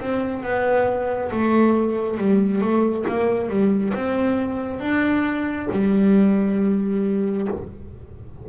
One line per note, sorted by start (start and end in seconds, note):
0.00 0.43 C4
0.43 1.31 B3
1.32 2.18 A3
2.18 2.61 G3
2.61 3.05 A3
3.08 3.49 A#3
3.49 3.93 G3
3.94 4.80 C4
4.80 5.68 D4
5.72 7.48 G3